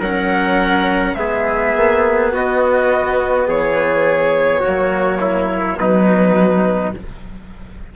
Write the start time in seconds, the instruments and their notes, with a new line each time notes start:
0.00 bassoon F#3, cello C#4, trumpet A#4, violin F#5
1.15 bassoon G#3, cello B3, trumpet G#4, violin E5
1.77 bassoon A#3
2.33 bassoon B3, trumpet F#4, violin D#5
3.48 bassoon E3, trumpet G#4, violin C#5
4.60 cello A#3, trumpet F#4
4.68 bassoon F#3
5.21 trumpet E4
5.78 bassoon B2, cello F#3, trumpet D#4, violin B4